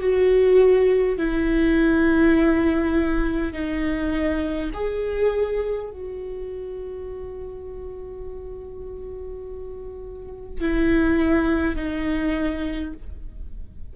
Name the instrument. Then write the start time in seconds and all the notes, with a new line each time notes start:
viola
0.00 F#4
1.18 E4
3.53 D#4
4.74 G#4
5.91 F#4
10.60 E4
11.75 D#4